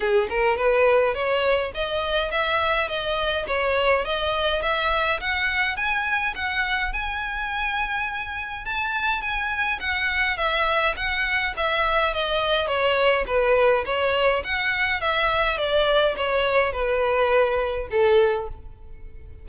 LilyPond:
\new Staff \with { instrumentName = "violin" } { \time 4/4 \tempo 4 = 104 gis'8 ais'8 b'4 cis''4 dis''4 | e''4 dis''4 cis''4 dis''4 | e''4 fis''4 gis''4 fis''4 | gis''2. a''4 |
gis''4 fis''4 e''4 fis''4 | e''4 dis''4 cis''4 b'4 | cis''4 fis''4 e''4 d''4 | cis''4 b'2 a'4 | }